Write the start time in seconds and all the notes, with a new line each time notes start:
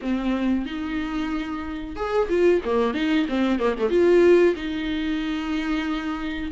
0.01 C4
0.65 D#4
1.96 G#4
2.29 F4
2.64 A#3
2.93 D#4
3.28 C4
3.59 A#3
3.78 A3
3.89 F4
4.55 D#4